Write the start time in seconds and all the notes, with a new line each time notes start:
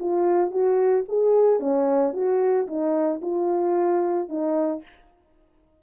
0.00 F4
0.51 F#4
1.09 G#4
1.60 C#4
2.13 F#4
2.67 D#4
3.22 F4
4.29 D#4